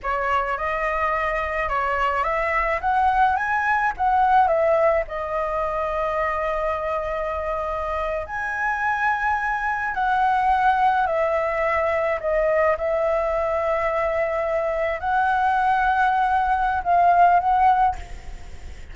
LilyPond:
\new Staff \with { instrumentName = "flute" } { \time 4/4 \tempo 4 = 107 cis''4 dis''2 cis''4 | e''4 fis''4 gis''4 fis''4 | e''4 dis''2.~ | dis''2~ dis''8. gis''4~ gis''16~ |
gis''4.~ gis''16 fis''2 e''16~ | e''4.~ e''16 dis''4 e''4~ e''16~ | e''2~ e''8. fis''4~ fis''16~ | fis''2 f''4 fis''4 | }